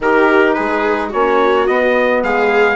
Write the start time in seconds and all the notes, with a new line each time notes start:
0.00 D#3 D#4 G4 A#4
0.53 G#3 G#4 B4
1.09 A#3 C#4 F#4 C#5
1.66 B3 D#5
2.23 G#3 G#4 F5